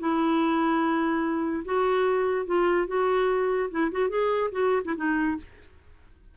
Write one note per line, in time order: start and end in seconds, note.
0.00 1.64 E4
1.65 2.46 F#4
2.46 2.87 F4
2.87 3.70 F#4
3.71 3.92 E4
3.92 4.09 F#4
4.09 4.51 G#4
4.52 4.83 F#4
4.85 4.96 E4
4.96 5.37 D#4